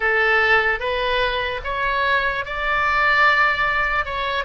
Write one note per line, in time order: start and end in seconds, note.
0.00 0.79 A4
0.79 1.60 B4
1.64 2.45 C#5
2.45 4.05 D5
4.05 4.44 C#5